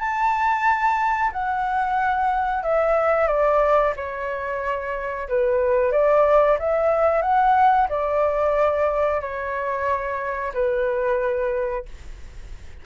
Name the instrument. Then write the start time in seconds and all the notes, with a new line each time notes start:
flute
0.00 A5
1.32 F#5
2.63 E5
3.28 D5
3.97 C#5
5.29 B4
5.92 D5
6.59 E5
7.22 F#5
7.89 D5
9.21 C#5
10.54 B4